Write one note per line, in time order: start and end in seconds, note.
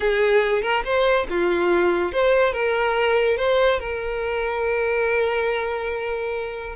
0.00 0.62 G#4
0.62 0.83 A#4
0.84 1.27 C5
1.29 2.12 F4
2.12 2.52 C5
2.52 3.37 A#4
3.37 3.79 C5
3.79 6.75 A#4